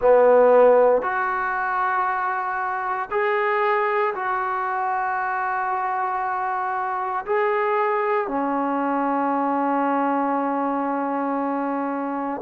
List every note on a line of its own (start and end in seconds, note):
0.00 1.02 B3
1.02 3.08 F#4
3.10 4.14 G#4
4.14 7.25 F#4
7.25 8.27 G#4
8.27 12.41 C#4